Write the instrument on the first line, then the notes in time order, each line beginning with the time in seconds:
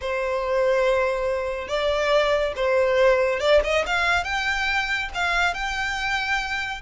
violin
0.01 C5
1.68 D5
2.56 C5
3.39 D5
3.64 D#5
3.86 F5
4.24 G5
5.14 F5
5.53 G5